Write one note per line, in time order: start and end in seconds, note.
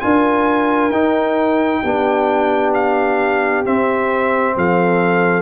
0.00 0.90 D4
0.00 0.91 F4
0.00 1.82 A#4
0.00 0.91 G#5
0.90 1.81 D#4
0.90 1.84 D#4
0.90 2.73 G5
1.82 3.65 B3
1.82 3.65 D4
1.82 4.55 G4
2.74 3.65 F5
3.65 5.42 C4
3.65 4.56 C4
3.65 4.57 E5
4.56 5.42 F3
4.56 5.42 A4
4.56 5.42 F5